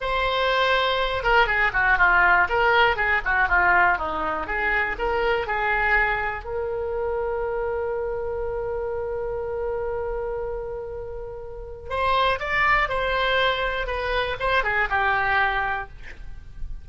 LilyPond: \new Staff \with { instrumentName = "oboe" } { \time 4/4 \tempo 4 = 121 c''2~ c''8 ais'8 gis'8 fis'8 | f'4 ais'4 gis'8 fis'8 f'4 | dis'4 gis'4 ais'4 gis'4~ | gis'4 ais'2.~ |
ais'1~ | ais'1 | c''4 d''4 c''2 | b'4 c''8 gis'8 g'2 | }